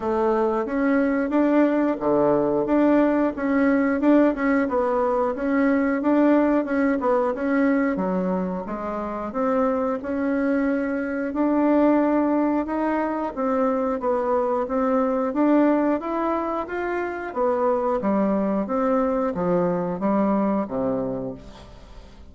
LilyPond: \new Staff \with { instrumentName = "bassoon" } { \time 4/4 \tempo 4 = 90 a4 cis'4 d'4 d4 | d'4 cis'4 d'8 cis'8 b4 | cis'4 d'4 cis'8 b8 cis'4 | fis4 gis4 c'4 cis'4~ |
cis'4 d'2 dis'4 | c'4 b4 c'4 d'4 | e'4 f'4 b4 g4 | c'4 f4 g4 c4 | }